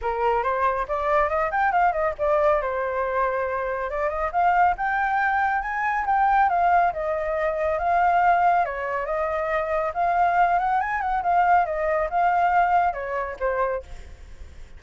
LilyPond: \new Staff \with { instrumentName = "flute" } { \time 4/4 \tempo 4 = 139 ais'4 c''4 d''4 dis''8 g''8 | f''8 dis''8 d''4 c''2~ | c''4 d''8 dis''8 f''4 g''4~ | g''4 gis''4 g''4 f''4 |
dis''2 f''2 | cis''4 dis''2 f''4~ | f''8 fis''8 gis''8 fis''8 f''4 dis''4 | f''2 cis''4 c''4 | }